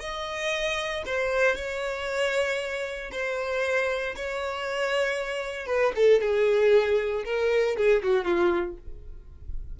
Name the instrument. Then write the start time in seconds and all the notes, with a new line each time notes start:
violin
0.00 D#5
1.06 C5
1.56 C#5
3.12 C5
4.16 C#5
5.67 B4
5.96 A4
6.21 G#4
7.25 A#4
7.77 G#4
8.03 F#4
8.25 F4